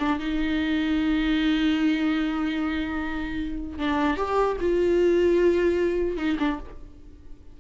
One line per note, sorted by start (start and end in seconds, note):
0.00 0.19 D4
0.19 3.79 D#4
3.79 4.17 D4
4.17 4.57 G4
4.61 6.18 F4
6.18 6.38 D#4
6.40 6.60 D4